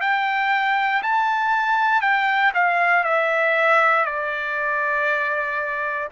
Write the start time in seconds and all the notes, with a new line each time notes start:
0.00 G5
1.03 A5
2.01 G5
2.54 F5
3.03 E5
4.05 D5